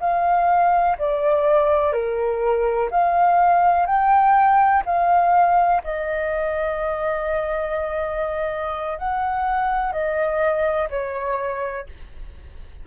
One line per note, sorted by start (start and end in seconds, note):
0.00 0.97 F5
0.98 1.92 D5
1.92 2.89 A#4
2.90 3.86 F5
3.86 4.83 G5
4.85 5.82 F5
5.84 8.98 D#5
8.98 9.92 F#5
9.92 10.89 D#5
10.90 11.86 C#5